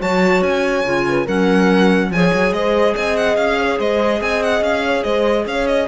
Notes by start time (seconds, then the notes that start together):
0.00 F#3 F#4 C#5 A5
0.42 C#4 G#5
0.85 C#3 F4
1.09 B4
1.25 F#3 C#4 A#4 F#5
2.11 F3 G#4 C#5 G#5
2.34 F#3
2.52 G#3 C5 D#5
2.95 C4 D#5 G#5
3.17 F#5
3.36 C#4 F5
3.61 C#5
3.79 G#3 C5 D#5
4.21 C4 D#5 G#5
4.43 F#5
4.61 C#4 F5
4.86 C#5
5.04 G#3 C5 D#5
5.46 C#4 C#5 F5
5.68 D#5